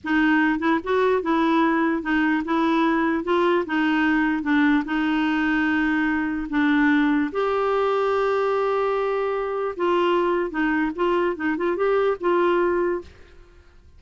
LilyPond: \new Staff \with { instrumentName = "clarinet" } { \time 4/4 \tempo 4 = 148 dis'4. e'8 fis'4 e'4~ | e'4 dis'4 e'2 | f'4 dis'2 d'4 | dis'1 |
d'2 g'2~ | g'1 | f'2 dis'4 f'4 | dis'8 f'8 g'4 f'2 | }